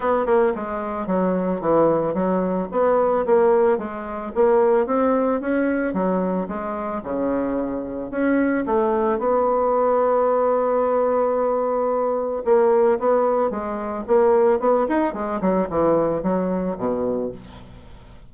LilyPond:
\new Staff \with { instrumentName = "bassoon" } { \time 4/4 \tempo 4 = 111 b8 ais8 gis4 fis4 e4 | fis4 b4 ais4 gis4 | ais4 c'4 cis'4 fis4 | gis4 cis2 cis'4 |
a4 b2.~ | b2. ais4 | b4 gis4 ais4 b8 dis'8 | gis8 fis8 e4 fis4 b,4 | }